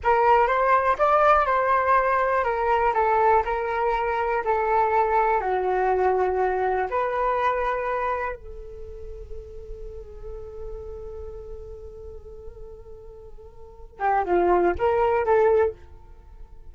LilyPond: \new Staff \with { instrumentName = "flute" } { \time 4/4 \tempo 4 = 122 ais'4 c''4 d''4 c''4~ | c''4 ais'4 a'4 ais'4~ | ais'4 a'2 fis'4~ | fis'2 b'2~ |
b'4 a'2.~ | a'1~ | a'1~ | a'8 g'8 f'4 ais'4 a'4 | }